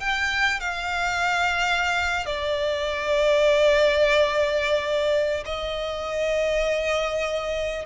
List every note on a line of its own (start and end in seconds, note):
0.00 0.61 G5
0.61 2.26 F5
2.26 5.44 D5
5.46 7.86 D#5